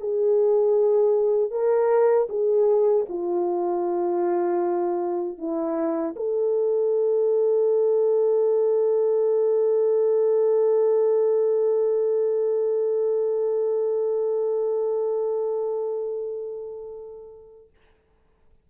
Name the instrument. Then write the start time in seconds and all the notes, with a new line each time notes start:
horn
0.00 G#4
1.51 A#4
2.29 G#4
3.09 F4
5.38 E4
6.16 A4